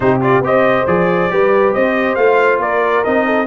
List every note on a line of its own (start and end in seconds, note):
0.00 0.40 C3
0.00 0.20 D#4
0.00 0.45 G4
0.00 0.20 C5
0.20 0.42 F4
0.20 0.44 D5
0.40 0.84 C4
0.40 0.87 G4
0.40 1.32 C5
0.40 0.87 D#5
0.87 1.30 F3
0.87 1.30 G#4
0.87 1.73 D5
1.30 1.74 G3
1.30 2.17 G4
1.30 1.75 B4
1.73 2.16 C4
1.73 2.60 C5
1.73 2.15 D#5
2.15 2.58 A3
2.15 3.05 F4
2.15 2.58 F5
2.58 3.02 A#3
2.58 3.25 A#4
2.58 3.03 D5
3.03 3.46 C4
3.03 3.46 D#4
3.03 3.46 D#5
3.25 3.46 A4